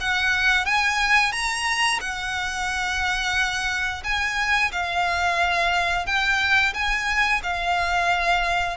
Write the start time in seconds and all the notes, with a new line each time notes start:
0.00 F#5
0.65 G#5
1.32 A#5
2.00 F#5
4.04 G#5
4.71 F5
6.06 G5
6.74 G#5
7.43 F5